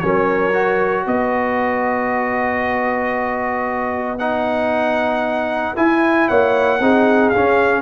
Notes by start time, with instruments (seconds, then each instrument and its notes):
0.00 tuba F#3, trombone C#4, horn A#4, trumpet C#5
0.53 trombone F#4
1.06 tuba B3, horn B4, trumpet D#5
4.19 trombone D#4, trumpet F#5
5.76 trombone E4, tuba E4, trumpet G#5
6.28 tuba A#3, horn C#5, trumpet F#5
6.80 tuba C4, trombone D#4, horn G#4
7.29 trombone C#4, tuba C#4, trumpet F5